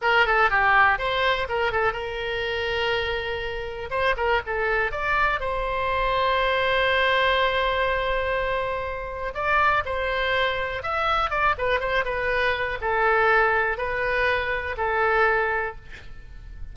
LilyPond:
\new Staff \with { instrumentName = "oboe" } { \time 4/4 \tempo 4 = 122 ais'8 a'8 g'4 c''4 ais'8 a'8 | ais'1 | c''8 ais'8 a'4 d''4 c''4~ | c''1~ |
c''2. d''4 | c''2 e''4 d''8 b'8 | c''8 b'4. a'2 | b'2 a'2 | }